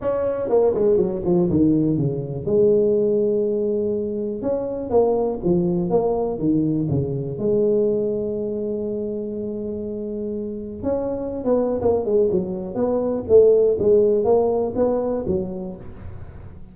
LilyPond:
\new Staff \with { instrumentName = "tuba" } { \time 4/4 \tempo 4 = 122 cis'4 ais8 gis8 fis8 f8 dis4 | cis4 gis2.~ | gis4 cis'4 ais4 f4 | ais4 dis4 cis4 gis4~ |
gis1~ | gis2 cis'4~ cis'16 b8. | ais8 gis8 fis4 b4 a4 | gis4 ais4 b4 fis4 | }